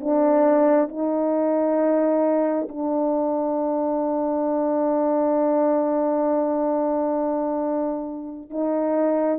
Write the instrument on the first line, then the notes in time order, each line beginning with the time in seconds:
horn
0.00 D4
0.88 D#4
2.69 D4
8.50 D#4